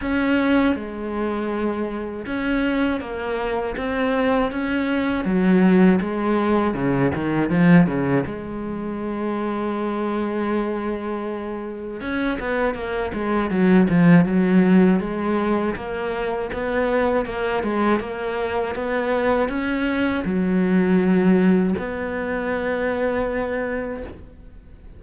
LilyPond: \new Staff \with { instrumentName = "cello" } { \time 4/4 \tempo 4 = 80 cis'4 gis2 cis'4 | ais4 c'4 cis'4 fis4 | gis4 cis8 dis8 f8 cis8 gis4~ | gis1 |
cis'8 b8 ais8 gis8 fis8 f8 fis4 | gis4 ais4 b4 ais8 gis8 | ais4 b4 cis'4 fis4~ | fis4 b2. | }